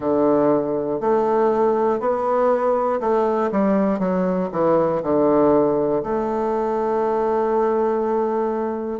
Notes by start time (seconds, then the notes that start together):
0.00 D3
1.00 A3
2.00 B3
3.00 A3
3.51 G3
3.99 F#3
4.52 E3
5.02 D3
6.03 A3